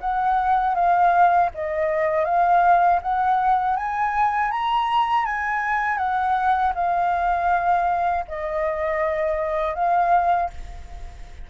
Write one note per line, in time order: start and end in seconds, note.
0.00 0.74 F#5
0.74 1.49 F5
1.54 2.25 D#5
2.25 3.00 F5
3.02 3.76 F#5
3.76 4.51 G#5
4.51 5.25 A#5
5.25 5.97 G#5
5.97 6.72 F#5
6.75 8.25 F5
8.28 9.75 D#5
9.75 10.50 F5